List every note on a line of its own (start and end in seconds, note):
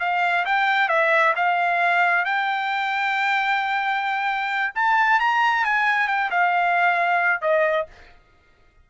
0.00 0.45 F5
0.45 0.89 G5
0.89 1.34 E5
1.36 2.25 F5
2.25 4.73 G5
4.75 5.20 A5
5.20 5.65 A#5
5.65 6.08 G#5
6.08 6.30 G5
6.31 7.41 F5
7.41 7.87 D#5